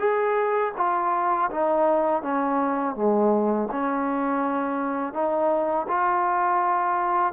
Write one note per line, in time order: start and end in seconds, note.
0.00 0.73 G#4
0.77 1.51 F4
1.51 2.23 D#4
2.23 2.96 C#4
2.96 3.69 G#3
3.72 5.14 C#4
5.14 5.87 D#4
5.88 7.34 F4